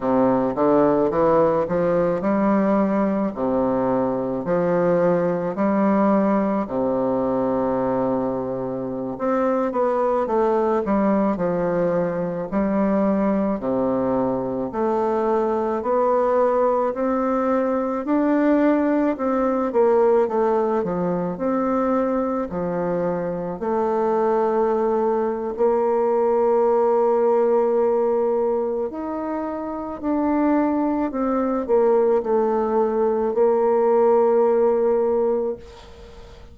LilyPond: \new Staff \with { instrumentName = "bassoon" } { \time 4/4 \tempo 4 = 54 c8 d8 e8 f8 g4 c4 | f4 g4 c2~ | c16 c'8 b8 a8 g8 f4 g8.~ | g16 c4 a4 b4 c'8.~ |
c'16 d'4 c'8 ais8 a8 f8 c'8.~ | c'16 f4 a4.~ a16 ais4~ | ais2 dis'4 d'4 | c'8 ais8 a4 ais2 | }